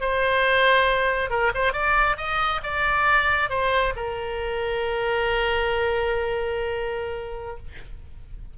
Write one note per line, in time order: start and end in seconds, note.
0.00 1.30 C5
1.30 1.51 A#4
1.54 1.72 C5
1.72 2.16 D5
2.17 2.61 D#5
2.63 3.49 D5
3.49 3.93 C5
3.96 7.57 A#4